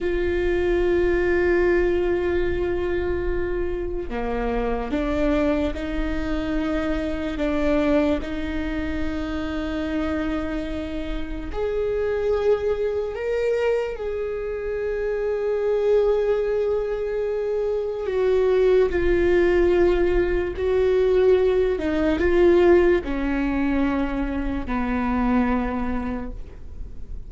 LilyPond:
\new Staff \with { instrumentName = "viola" } { \time 4/4 \tempo 4 = 73 f'1~ | f'4 ais4 d'4 dis'4~ | dis'4 d'4 dis'2~ | dis'2 gis'2 |
ais'4 gis'2.~ | gis'2 fis'4 f'4~ | f'4 fis'4. dis'8 f'4 | cis'2 b2 | }